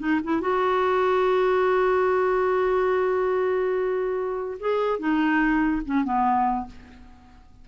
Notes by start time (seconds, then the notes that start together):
0.00 D#4
0.24 E4
0.41 F#4
4.60 G#4
4.99 D#4
5.86 C#4
6.05 B3